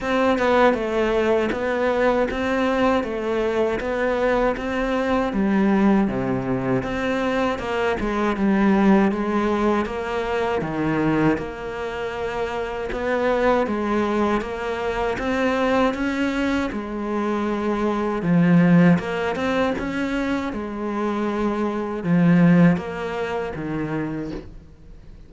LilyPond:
\new Staff \with { instrumentName = "cello" } { \time 4/4 \tempo 4 = 79 c'8 b8 a4 b4 c'4 | a4 b4 c'4 g4 | c4 c'4 ais8 gis8 g4 | gis4 ais4 dis4 ais4~ |
ais4 b4 gis4 ais4 | c'4 cis'4 gis2 | f4 ais8 c'8 cis'4 gis4~ | gis4 f4 ais4 dis4 | }